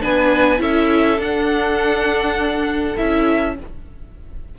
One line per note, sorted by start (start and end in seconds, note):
0.00 0.60 B3
0.00 0.58 D4
0.00 0.60 B4
0.00 0.60 G#5
0.58 1.18 C#4
0.58 1.16 E4
0.58 3.54 A4
0.58 1.20 E5
1.18 2.94 D4
1.18 2.95 D4
1.18 2.96 F#5
2.96 3.58 C#4
2.96 3.55 E4
2.96 3.55 E5